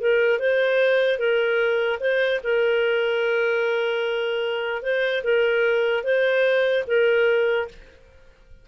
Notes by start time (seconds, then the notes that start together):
0.00 A#4
0.39 C5
1.19 A#4
2.00 C5
2.44 A#4
4.82 C5
5.24 A#4
6.04 C5
6.87 A#4